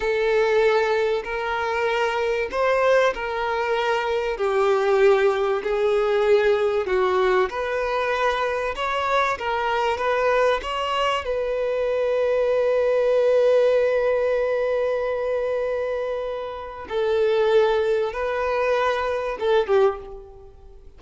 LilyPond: \new Staff \with { instrumentName = "violin" } { \time 4/4 \tempo 4 = 96 a'2 ais'2 | c''4 ais'2 g'4~ | g'4 gis'2 fis'4 | b'2 cis''4 ais'4 |
b'4 cis''4 b'2~ | b'1~ | b'2. a'4~ | a'4 b'2 a'8 g'8 | }